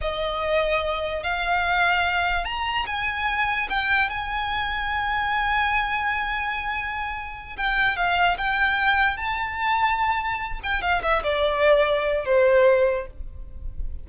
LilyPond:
\new Staff \with { instrumentName = "violin" } { \time 4/4 \tempo 4 = 147 dis''2. f''4~ | f''2 ais''4 gis''4~ | gis''4 g''4 gis''2~ | gis''1~ |
gis''2~ gis''8 g''4 f''8~ | f''8 g''2 a''4.~ | a''2 g''8 f''8 e''8 d''8~ | d''2 c''2 | }